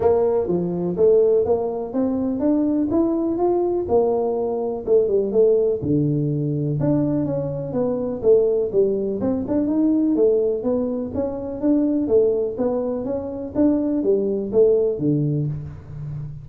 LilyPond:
\new Staff \with { instrumentName = "tuba" } { \time 4/4 \tempo 4 = 124 ais4 f4 a4 ais4 | c'4 d'4 e'4 f'4 | ais2 a8 g8 a4 | d2 d'4 cis'4 |
b4 a4 g4 c'8 d'8 | dis'4 a4 b4 cis'4 | d'4 a4 b4 cis'4 | d'4 g4 a4 d4 | }